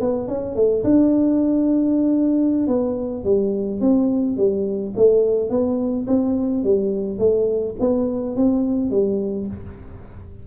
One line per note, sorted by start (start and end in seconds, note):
0.00 0.27 B3
0.27 0.55 C#4
0.55 0.83 A3
0.84 2.67 D4
2.67 3.24 B3
3.24 3.80 G3
3.80 4.37 C4
4.37 4.93 G3
4.96 5.49 A3
5.49 6.06 B3
6.07 6.63 C4
6.63 7.18 G3
7.18 7.75 A3
7.79 8.36 B3
8.36 8.90 C4
8.90 9.47 G3